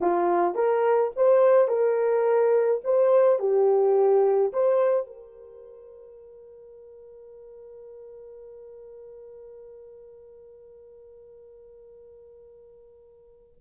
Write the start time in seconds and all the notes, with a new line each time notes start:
0.01 F4
0.54 A#4
1.16 C5
1.68 A#4
2.84 C5
3.39 G4
4.53 C5
5.06 A#4